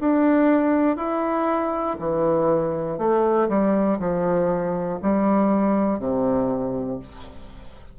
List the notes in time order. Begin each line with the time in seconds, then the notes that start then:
0.00 D4
0.96 E4
1.99 E3
2.98 A3
3.48 G3
3.99 F3
5.02 G3
5.99 C3